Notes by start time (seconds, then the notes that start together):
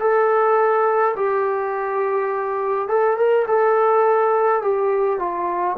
0.00 A4
1.16 G4
2.88 A4
3.17 A#4
3.48 A4
4.62 G4
5.19 F4